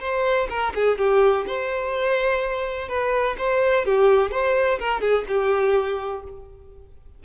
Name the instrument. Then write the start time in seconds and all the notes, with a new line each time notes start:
violin
0.00 C5
0.49 A#4
0.74 G#4
0.98 G4
1.47 C5
2.88 B4
3.38 C5
3.85 G4
4.31 C5
4.79 A#4
5.01 G#4
5.28 G4